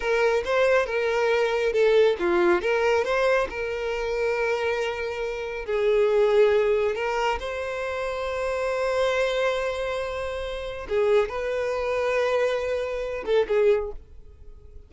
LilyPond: \new Staff \with { instrumentName = "violin" } { \time 4/4 \tempo 4 = 138 ais'4 c''4 ais'2 | a'4 f'4 ais'4 c''4 | ais'1~ | ais'4 gis'2. |
ais'4 c''2.~ | c''1~ | c''4 gis'4 b'2~ | b'2~ b'8 a'8 gis'4 | }